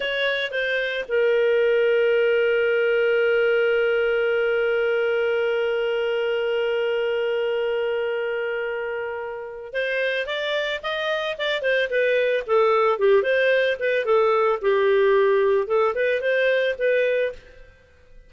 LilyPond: \new Staff \with { instrumentName = "clarinet" } { \time 4/4 \tempo 4 = 111 cis''4 c''4 ais'2~ | ais'1~ | ais'1~ | ais'1~ |
ais'2 c''4 d''4 | dis''4 d''8 c''8 b'4 a'4 | g'8 c''4 b'8 a'4 g'4~ | g'4 a'8 b'8 c''4 b'4 | }